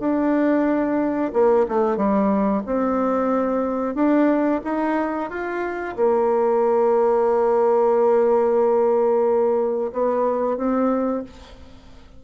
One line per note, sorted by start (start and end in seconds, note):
0.00 1.32 D4
1.34 1.67 A#3
1.69 1.97 A3
1.97 2.63 G3
2.66 3.95 C4
3.95 4.61 D4
4.65 5.30 D#4
5.30 5.96 F4
5.96 9.92 A#3
9.93 10.58 B3
10.58 11.24 C4